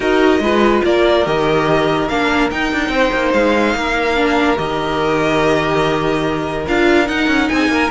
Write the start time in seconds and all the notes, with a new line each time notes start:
0.00 D#4 F#4 A#4 D#5
0.39 G#3 F4 B4
0.84 A#3 A#4 D5
1.25 D#3 G4 D#5
2.08 A#3 D4 F5
2.50 D#4 G5
2.72 D4
2.88 C4 C5
3.13 A#3
3.32 G#3 F5
3.74 A#3 A#4
4.16 D4
4.56 D#3 G4 D#5
6.68 D4 F4 F5
7.05 D#4 F#5
7.27 C#4
7.49 C4 G#4 G#5
7.67 A#3 A#4